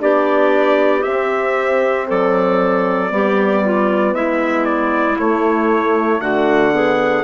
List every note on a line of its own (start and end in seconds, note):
0.00 1.06 B3
0.00 1.03 D4
0.00 2.08 G4
0.00 1.03 D5
1.03 3.10 C4
1.03 2.10 C4
1.03 2.07 E5
2.08 3.12 F#3
2.08 3.11 A4
2.08 4.15 D5
3.10 4.14 G3
3.10 5.17 B3
3.10 3.65 G4
3.65 4.15 F4
4.14 5.17 G#3
4.14 6.21 E4
4.14 4.65 E5
4.65 5.17 D5
5.19 6.21 A3
5.19 6.74 A3
5.19 6.21 C#5
6.21 7.24 D3
6.21 6.73 F#4
6.21 7.24 F#5
6.74 7.24 B3
6.74 7.24 G#4